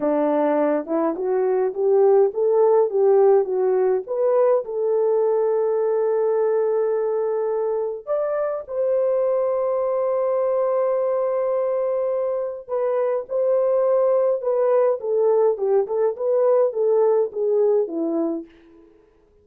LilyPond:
\new Staff \with { instrumentName = "horn" } { \time 4/4 \tempo 4 = 104 d'4. e'8 fis'4 g'4 | a'4 g'4 fis'4 b'4 | a'1~ | a'2 d''4 c''4~ |
c''1~ | c''2 b'4 c''4~ | c''4 b'4 a'4 g'8 a'8 | b'4 a'4 gis'4 e'4 | }